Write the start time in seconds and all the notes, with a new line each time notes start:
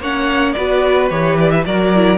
0.00 A#3 C#4 C#5 F#5
0.53 B3 F#4 B4 D5
1.10 E3 G4 C#5
1.40 D5
1.51 E5
1.66 F#3 F#4 A#4 D5
1.95 E4